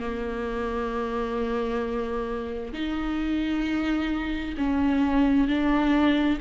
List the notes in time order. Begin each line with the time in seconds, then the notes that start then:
0.00 A#3
2.74 D#4
4.58 C#4
5.48 D4